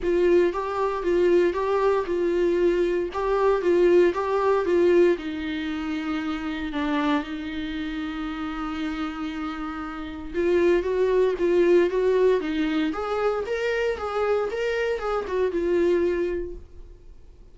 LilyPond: \new Staff \with { instrumentName = "viola" } { \time 4/4 \tempo 4 = 116 f'4 g'4 f'4 g'4 | f'2 g'4 f'4 | g'4 f'4 dis'2~ | dis'4 d'4 dis'2~ |
dis'1 | f'4 fis'4 f'4 fis'4 | dis'4 gis'4 ais'4 gis'4 | ais'4 gis'8 fis'8 f'2 | }